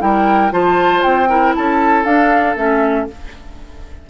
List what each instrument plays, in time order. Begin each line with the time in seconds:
0.00 bassoon G3, clarinet E4, oboe A#4, flute G5
0.51 bassoon F3, clarinet F4, oboe C5, flute A5
1.03 bassoon C4, flute G5
1.29 clarinet E4, oboe A#4
1.55 bassoon C#4, oboe A4, flute A5
2.05 bassoon D4, clarinet D4, flute F5
2.56 bassoon A3, clarinet C#4, flute E5